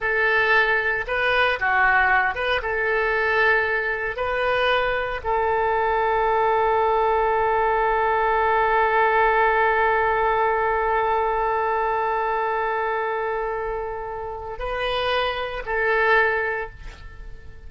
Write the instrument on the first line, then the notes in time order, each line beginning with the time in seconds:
oboe
0.00 A4
1.07 B4
1.59 F#4
2.35 B4
2.62 A4
4.16 B4
5.23 A4
14.58 B4
15.65 A4